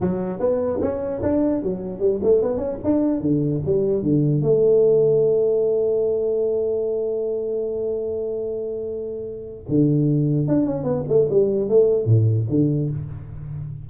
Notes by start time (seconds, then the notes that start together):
0.00 F#3
0.39 B3
0.81 C#4
1.22 D4
1.63 F#3
1.99 G3
2.22 A3
2.42 B3
2.57 C#4
2.84 D4
3.20 D3
3.65 G3
4.02 D3
4.42 A3
9.68 D3
10.47 D4
10.66 C#4
10.83 B3
11.08 A3
11.29 G3
11.68 A3
12.05 A2
12.49 D3